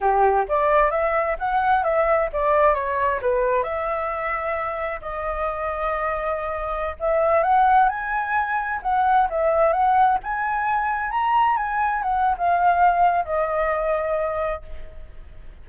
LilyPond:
\new Staff \with { instrumentName = "flute" } { \time 4/4 \tempo 4 = 131 g'4 d''4 e''4 fis''4 | e''4 d''4 cis''4 b'4 | e''2. dis''4~ | dis''2.~ dis''16 e''8.~ |
e''16 fis''4 gis''2 fis''8.~ | fis''16 e''4 fis''4 gis''4.~ gis''16~ | gis''16 ais''4 gis''4 fis''8. f''4~ | f''4 dis''2. | }